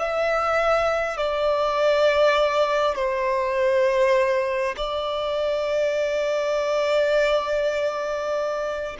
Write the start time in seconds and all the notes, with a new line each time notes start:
0.00 E5
1.18 D5
2.96 C5
4.77 D5